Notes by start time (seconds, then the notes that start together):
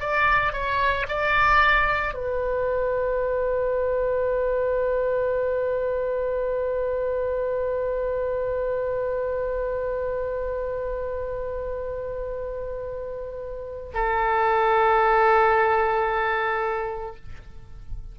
0.00 D5
0.53 C#5
1.08 D5
2.14 B4
13.94 A4